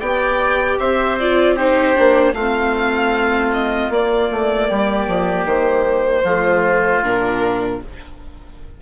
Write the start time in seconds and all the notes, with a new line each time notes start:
0.00 B3 G4 D5 G5
0.79 C4 C5 E5
1.19 F4 D5
1.56 D#4 G4 C5
1.95 A#3 D4
2.33 A3 F4 F5
2.39 C4
3.53 D#5
3.90 A#3 D5
4.31 A3
4.68 G3 G4
5.07 F3
5.45 D#3 C5
6.23 F3 A3 F4
7.03 A#2 D4 A#4